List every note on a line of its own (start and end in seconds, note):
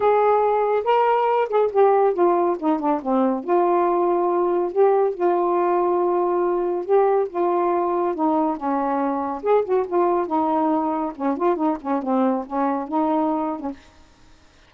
0.00 0.83 G#4
0.84 1.48 A#4
1.49 1.70 G#4
1.72 2.13 G4
2.13 2.56 F4
2.59 2.79 D#4
2.79 3.01 D4
3.02 3.44 C4
3.44 4.72 F4
4.72 5.14 G4
5.14 6.85 F4
6.85 7.28 G4
7.29 8.14 F4
8.14 8.56 D#4
8.56 9.42 C#4
9.43 9.64 G#4
9.64 9.86 F#4
9.87 10.26 F4
10.26 11.12 D#4
11.15 11.37 C#4
11.37 11.56 F4
11.56 11.77 D#4
11.81 12.02 C#4
12.02 12.45 C4
12.46 12.88 C#4
12.88 13.60 D#4
13.60 13.70 C#4